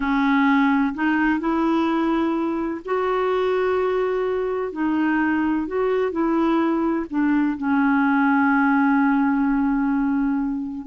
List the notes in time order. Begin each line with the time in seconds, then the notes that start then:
0.00 C#4
0.94 D#4
1.39 E4
2.85 F#4
4.72 D#4
5.67 F#4
6.11 E4
7.10 D4
7.57 C#4